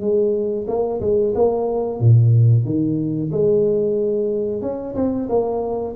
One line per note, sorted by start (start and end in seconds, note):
0.00 0.66 G#3
0.67 1.00 A#3
1.00 1.33 G#3
1.35 2.00 A#3
2.00 2.64 A#2
2.64 3.30 D#3
3.31 4.61 G#3
4.61 4.94 C#4
4.95 5.28 C4
5.29 5.95 A#3